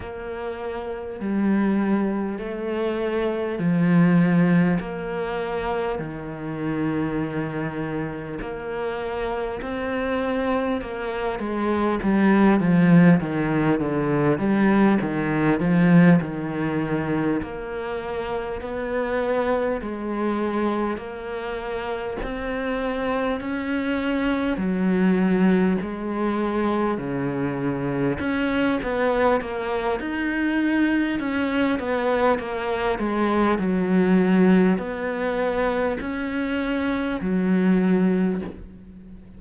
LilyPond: \new Staff \with { instrumentName = "cello" } { \time 4/4 \tempo 4 = 50 ais4 g4 a4 f4 | ais4 dis2 ais4 | c'4 ais8 gis8 g8 f8 dis8 d8 | g8 dis8 f8 dis4 ais4 b8~ |
b8 gis4 ais4 c'4 cis'8~ | cis'8 fis4 gis4 cis4 cis'8 | b8 ais8 dis'4 cis'8 b8 ais8 gis8 | fis4 b4 cis'4 fis4 | }